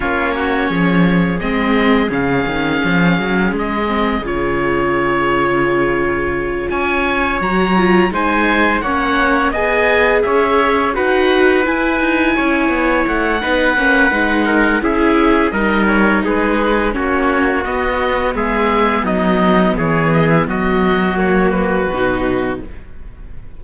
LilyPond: <<
  \new Staff \with { instrumentName = "oboe" } { \time 4/4 \tempo 4 = 85 cis''2 dis''4 f''4~ | f''4 dis''4 cis''2~ | cis''4. gis''4 ais''4 gis''8~ | gis''8 fis''4 gis''4 e''4 fis''8~ |
fis''8 gis''2 fis''4.~ | fis''4 e''4 dis''8 cis''8 b'4 | cis''4 dis''4 e''4 dis''4 | cis''8 dis''16 e''16 dis''4 cis''8 b'4. | }
  \new Staff \with { instrumentName = "trumpet" } { \time 4/4 f'8 fis'8 gis'2.~ | gis'1~ | gis'4. cis''2 c''8~ | c''8 cis''4 dis''4 cis''4 b'8~ |
b'4. cis''4. b'4~ | b'8 ais'8 gis'4 ais'4 gis'4 | fis'2 gis'4 dis'4 | gis'4 fis'2. | }
  \new Staff \with { instrumentName = "viola" } { \time 4/4 cis'2 c'4 cis'4~ | cis'4. c'8 f'2~ | f'2~ f'8 fis'8 f'8 dis'8~ | dis'8 cis'4 gis'2 fis'8~ |
fis'8 e'2~ e'8 dis'8 cis'8 | dis'4 e'4 dis'2 | cis'4 b2.~ | b2 ais4 dis'4 | }
  \new Staff \with { instrumentName = "cello" } { \time 4/4 ais4 f4 gis4 cis8 dis8 | f8 fis8 gis4 cis2~ | cis4. cis'4 fis4 gis8~ | gis8 ais4 b4 cis'4 dis'8~ |
dis'8 e'8 dis'8 cis'8 b8 a8 b8 ais8 | gis4 cis'4 g4 gis4 | ais4 b4 gis4 fis4 | e4 fis2 b,4 | }
>>